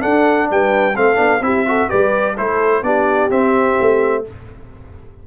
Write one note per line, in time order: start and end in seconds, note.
0.00 0.94 D4
0.00 0.50 D4
0.00 0.48 A4
0.00 0.48 F#5
0.51 0.97 G3
0.51 0.96 B4
0.51 0.97 G5
0.95 1.18 A3
0.95 1.15 C4
0.95 1.42 A4
0.95 1.43 F5
1.15 1.40 B3
1.15 1.39 D4
1.40 1.87 C4
1.40 1.66 E4
1.40 1.68 G4
1.40 1.89 E5
1.66 1.89 F#4
1.66 1.89 A4
1.89 2.39 G3
1.89 2.36 G4
1.89 2.36 B4
1.89 2.36 D5
2.36 2.83 A3
2.36 2.83 E4
2.36 2.83 A4
2.36 2.83 C5
2.83 3.29 B3
2.83 3.30 D4
2.83 4.25 G4
2.83 3.30 D5
3.31 4.24 C4
3.31 3.78 C4
3.31 4.25 E5
3.80 4.27 A3